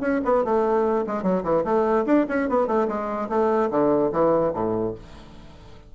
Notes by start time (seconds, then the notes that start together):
0.00 C#4
0.24 B3
0.44 A3
1.06 G#3
1.23 F#3
1.43 E3
1.64 A3
2.06 D4
2.29 C#4
2.49 B3
2.67 A3
2.88 G#3
3.29 A3
3.71 D3
4.12 E3
4.53 A2